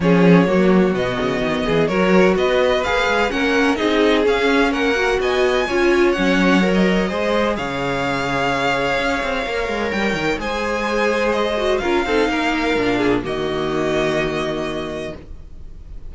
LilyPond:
<<
  \new Staff \with { instrumentName = "violin" } { \time 4/4 \tempo 4 = 127 cis''2 dis''2 | cis''4 dis''4 f''4 fis''4 | dis''4 f''4 fis''4 gis''4~ | gis''4 fis''4~ fis''16 dis''4.~ dis''16 |
f''1~ | f''4 g''4 gis''2 | dis''4 f''2. | dis''1 | }
  \new Staff \with { instrumentName = "violin" } { \time 4/4 gis'4 fis'2~ fis'8 gis'8 | ais'4 b'2 ais'4 | gis'2 ais'4 dis''4 | cis''2. c''4 |
cis''1~ | cis''2 c''2~ | c''4 ais'8 a'8 ais'4. gis'8 | fis'1 | }
  \new Staff \with { instrumentName = "viola" } { \time 4/4 cis'4 ais4 b2 | fis'2 gis'4 cis'4 | dis'4 cis'4. fis'4. | f'4 cis'4 ais'4 gis'4~ |
gis'1 | ais'2 gis'2~ | gis'8 fis'8 f'8 dis'4. d'4 | ais1 | }
  \new Staff \with { instrumentName = "cello" } { \time 4/4 f4 fis4 b,8 cis8 dis8 e8 | fis4 b4 ais8 gis8 ais4 | c'4 cis'4 ais4 b4 | cis'4 fis2 gis4 |
cis2. cis'8 c'8 | ais8 gis8 g8 dis8 gis2~ | gis4 cis'8 c'8 ais4 ais,4 | dis1 | }
>>